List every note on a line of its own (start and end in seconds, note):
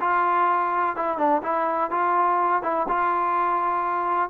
0.00 0.96 F4
0.96 1.18 E4
1.18 1.42 D4
1.42 1.90 E4
1.91 2.63 F4
2.63 2.87 E4
2.88 4.30 F4